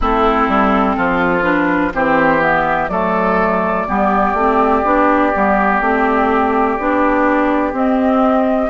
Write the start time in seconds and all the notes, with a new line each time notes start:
0.00 A3 C4 E4 A4
0.48 G3
0.96 F3 F4
1.43 D4 B4
1.94 E3 C4 G4 C5
2.40 B3 E5
2.88 F#3 A3 A4 D5
3.87 G3 B3 G4
4.33 A3 C4
4.84 B3 D4
5.33 G3 B3
5.80 A3 C4
6.79 B3 D4
7.73 C4 D#5